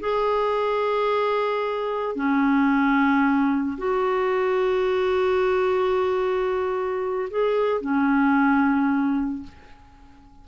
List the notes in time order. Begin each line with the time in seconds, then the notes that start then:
0.00 G#4
2.15 C#4
3.77 F#4
7.30 G#4
7.81 C#4